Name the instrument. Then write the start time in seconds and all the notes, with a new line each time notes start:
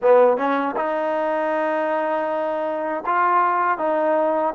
trombone
0.02 B3
0.37 C#4
0.76 D#4
3.06 F4
3.78 D#4